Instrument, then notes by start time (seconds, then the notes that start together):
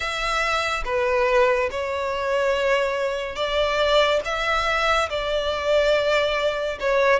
violin
0.00 E5
0.85 B4
1.71 C#5
3.35 D5
4.24 E5
5.09 D5
6.80 C#5